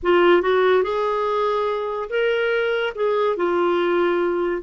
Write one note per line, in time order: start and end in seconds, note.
0.02 0.42 F4
0.42 0.83 F#4
0.83 2.09 G#4
2.09 2.93 A#4
2.95 3.36 G#4
3.36 4.62 F4